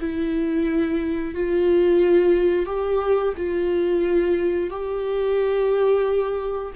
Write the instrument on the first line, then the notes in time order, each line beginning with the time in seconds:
viola
0.00 E4
1.35 F4
2.66 G4
3.37 F4
4.70 G4